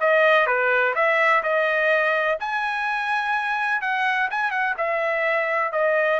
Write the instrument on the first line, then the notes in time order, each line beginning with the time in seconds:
trumpet
0.00 D#5
0.46 B4
0.95 E5
1.42 D#5
2.39 G#5
3.81 F#5
4.30 G#5
4.50 F#5
4.77 E5
5.72 D#5